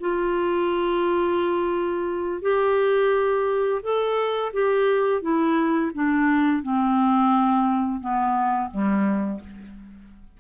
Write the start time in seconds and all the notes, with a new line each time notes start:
0.00 F4
2.42 G4
3.82 A4
4.53 G4
5.22 E4
5.94 D4
6.62 C4
8.00 B3
8.71 G3